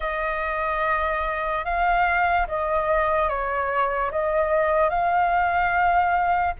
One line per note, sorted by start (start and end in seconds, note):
0.00 1.64 D#5
1.64 2.47 F5
2.47 3.28 D#5
3.28 4.11 C#5
4.11 4.89 D#5
4.89 6.53 F5